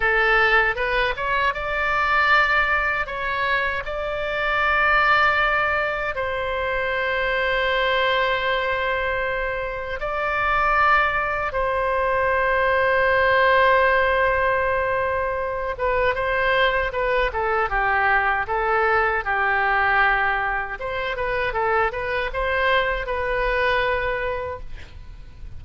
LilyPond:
\new Staff \with { instrumentName = "oboe" } { \time 4/4 \tempo 4 = 78 a'4 b'8 cis''8 d''2 | cis''4 d''2. | c''1~ | c''4 d''2 c''4~ |
c''1~ | c''8 b'8 c''4 b'8 a'8 g'4 | a'4 g'2 c''8 b'8 | a'8 b'8 c''4 b'2 | }